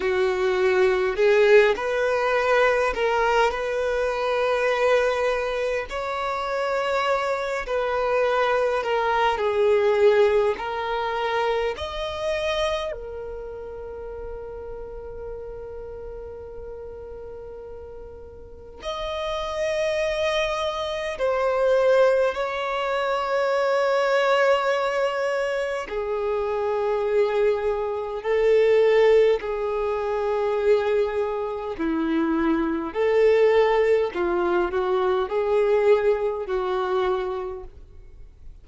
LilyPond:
\new Staff \with { instrumentName = "violin" } { \time 4/4 \tempo 4 = 51 fis'4 gis'8 b'4 ais'8 b'4~ | b'4 cis''4. b'4 ais'8 | gis'4 ais'4 dis''4 ais'4~ | ais'1 |
dis''2 c''4 cis''4~ | cis''2 gis'2 | a'4 gis'2 e'4 | a'4 f'8 fis'8 gis'4 fis'4 | }